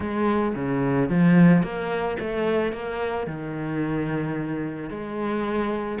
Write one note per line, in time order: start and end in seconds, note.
0.00 0.55 G#3
0.55 1.09 C#3
1.09 1.62 F3
1.62 2.17 A#3
2.19 2.72 A3
2.72 3.27 A#3
3.27 4.89 D#3
4.89 5.99 G#3